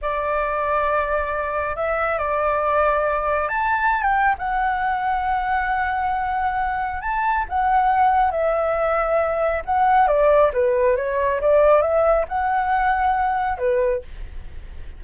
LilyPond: \new Staff \with { instrumentName = "flute" } { \time 4/4 \tempo 4 = 137 d''1 | e''4 d''2. | a''4~ a''16 g''8. fis''2~ | fis''1 |
a''4 fis''2 e''4~ | e''2 fis''4 d''4 | b'4 cis''4 d''4 e''4 | fis''2. b'4 | }